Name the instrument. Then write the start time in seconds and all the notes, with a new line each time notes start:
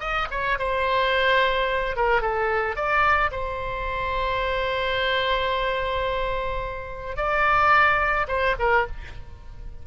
oboe
0.00 D#5
0.31 C#5
0.59 C5
1.97 A#4
2.22 A4
2.76 D5
3.32 C5
7.17 D5
8.28 C5
8.59 A#4